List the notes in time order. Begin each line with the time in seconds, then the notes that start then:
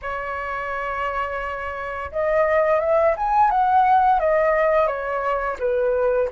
0.02 C#5
2.11 D#5
2.80 E5
3.16 G#5
3.50 F#5
4.19 D#5
4.87 C#5
5.59 B4